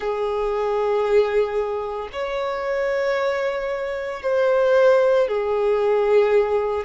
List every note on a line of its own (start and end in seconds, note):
0.00 2.08 G#4
2.12 4.22 C#5
4.22 5.27 C5
5.28 6.84 G#4